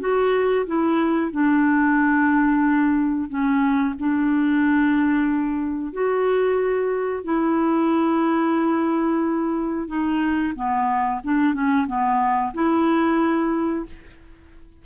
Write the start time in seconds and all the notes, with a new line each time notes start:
0.00 F#4
0.66 E4
1.31 D4
3.29 C#4
3.99 D4
5.92 F#4
7.24 E4
9.88 D#4
10.55 B3
11.24 D4
11.54 C#4
11.87 B3
12.54 E4